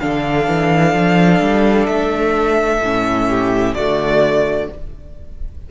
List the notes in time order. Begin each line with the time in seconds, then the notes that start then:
0.00 D3 D4 A4 F5
0.47 E3
0.94 F3
1.41 G3
1.87 A3 E5
2.80 A2 C#4
3.29 G4
3.74 D3 A3 F#4 D5